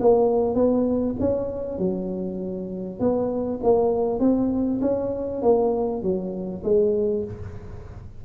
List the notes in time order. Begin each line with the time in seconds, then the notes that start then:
0.00 A#3
0.55 B3
1.20 C#4
1.79 F#3
3.00 B3
3.63 A#3
4.20 C4
4.82 C#4
5.42 A#3
6.02 F#3
6.64 G#3